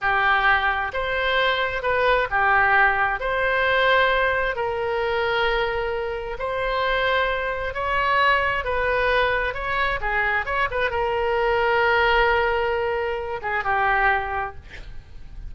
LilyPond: \new Staff \with { instrumentName = "oboe" } { \time 4/4 \tempo 4 = 132 g'2 c''2 | b'4 g'2 c''4~ | c''2 ais'2~ | ais'2 c''2~ |
c''4 cis''2 b'4~ | b'4 cis''4 gis'4 cis''8 b'8 | ais'1~ | ais'4. gis'8 g'2 | }